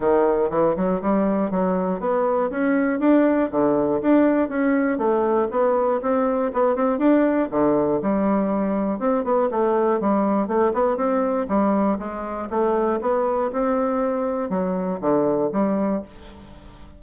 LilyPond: \new Staff \with { instrumentName = "bassoon" } { \time 4/4 \tempo 4 = 120 dis4 e8 fis8 g4 fis4 | b4 cis'4 d'4 d4 | d'4 cis'4 a4 b4 | c'4 b8 c'8 d'4 d4 |
g2 c'8 b8 a4 | g4 a8 b8 c'4 g4 | gis4 a4 b4 c'4~ | c'4 fis4 d4 g4 | }